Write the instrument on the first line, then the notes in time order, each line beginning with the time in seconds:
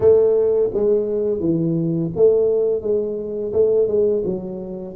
tuba
0.00 A3
0.73 G#3
1.39 E3
2.15 A3
2.81 G#3
3.53 A3
3.87 G#3
4.24 F#3